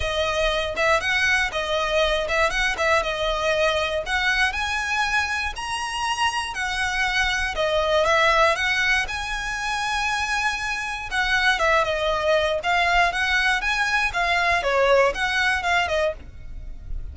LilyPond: \new Staff \with { instrumentName = "violin" } { \time 4/4 \tempo 4 = 119 dis''4. e''8 fis''4 dis''4~ | dis''8 e''8 fis''8 e''8 dis''2 | fis''4 gis''2 ais''4~ | ais''4 fis''2 dis''4 |
e''4 fis''4 gis''2~ | gis''2 fis''4 e''8 dis''8~ | dis''4 f''4 fis''4 gis''4 | f''4 cis''4 fis''4 f''8 dis''8 | }